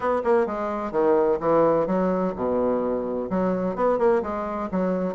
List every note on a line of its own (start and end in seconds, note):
0.00 0.22 B3
0.24 0.46 A#3
0.46 0.91 G#3
0.91 1.38 D#3
1.40 1.86 E3
1.86 2.33 F#3
2.36 3.29 B2
3.30 3.75 F#3
3.75 3.98 B3
3.98 4.21 A#3
4.22 4.69 G#3
4.71 5.14 F#3